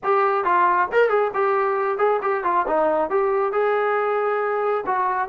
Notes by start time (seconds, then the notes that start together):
0.03 G4
0.44 F4
0.91 A#4
1.09 G#4
1.34 G4
1.98 G#4
2.21 G4
2.44 F4
2.67 D#4
3.10 G4
3.52 G#4
4.86 F#4